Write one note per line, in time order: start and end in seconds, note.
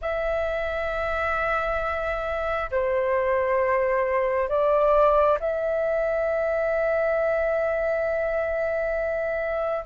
0.01 2.70 E5
2.71 4.49 C5
4.49 5.38 D5
5.40 9.85 E5